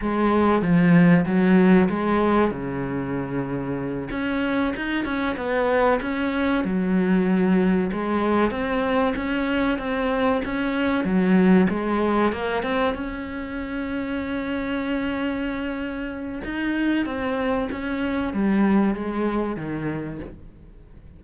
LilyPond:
\new Staff \with { instrumentName = "cello" } { \time 4/4 \tempo 4 = 95 gis4 f4 fis4 gis4 | cis2~ cis8 cis'4 dis'8 | cis'8 b4 cis'4 fis4.~ | fis8 gis4 c'4 cis'4 c'8~ |
c'8 cis'4 fis4 gis4 ais8 | c'8 cis'2.~ cis'8~ | cis'2 dis'4 c'4 | cis'4 g4 gis4 dis4 | }